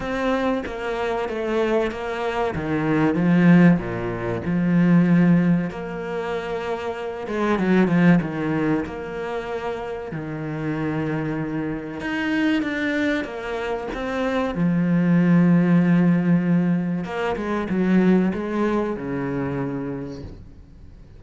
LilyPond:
\new Staff \with { instrumentName = "cello" } { \time 4/4 \tempo 4 = 95 c'4 ais4 a4 ais4 | dis4 f4 ais,4 f4~ | f4 ais2~ ais8 gis8 | fis8 f8 dis4 ais2 |
dis2. dis'4 | d'4 ais4 c'4 f4~ | f2. ais8 gis8 | fis4 gis4 cis2 | }